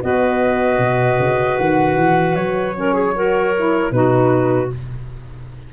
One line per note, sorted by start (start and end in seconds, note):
0.00 0.78 B3
0.00 2.73 F#4
0.00 2.75 B4
0.00 1.58 D#5
0.78 1.17 B2
1.18 1.57 C#3
1.58 1.96 D#3
1.58 2.35 F#5
1.96 2.35 E3
2.35 3.91 F#3
2.35 3.91 C#5
2.74 3.13 C#4
2.74 2.93 A#4
2.93 3.13 G#4
3.15 3.54 F#4
3.15 3.93 A#4
3.56 3.92 E4
3.91 4.69 B2
3.91 4.69 D#4
3.91 4.73 F#4
3.91 4.69 B4